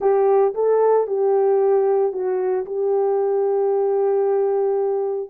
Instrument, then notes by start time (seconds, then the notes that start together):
horn
0.00 G4
0.54 A4
1.07 G4
2.12 F#4
2.65 G4